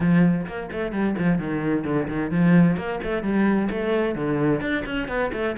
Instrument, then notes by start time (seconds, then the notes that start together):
cello
0.00 F3
0.46 A#3
0.72 A3
0.92 G3
1.18 F3
1.38 D#3
1.84 D3
2.08 D#3
2.30 F3
2.76 A#3
3.03 A3
3.22 G3
3.70 A3
4.15 D3
4.60 D4
4.85 C#4
5.08 B3
5.33 A3